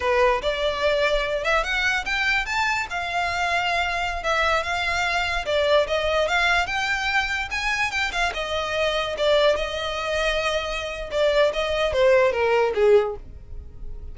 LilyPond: \new Staff \with { instrumentName = "violin" } { \time 4/4 \tempo 4 = 146 b'4 d''2~ d''8 e''8 | fis''4 g''4 a''4 f''4~ | f''2~ f''16 e''4 f''8.~ | f''4~ f''16 d''4 dis''4 f''8.~ |
f''16 g''2 gis''4 g''8 f''16~ | f''16 dis''2 d''4 dis''8.~ | dis''2. d''4 | dis''4 c''4 ais'4 gis'4 | }